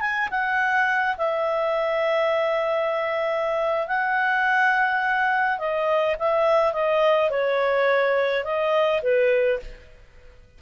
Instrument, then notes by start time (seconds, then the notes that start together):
clarinet
0.00 G#5
0.30 F#5
1.17 E5
3.87 F#5
5.58 D#5
6.19 E5
6.73 D#5
7.30 C#5
8.44 D#5
9.02 B4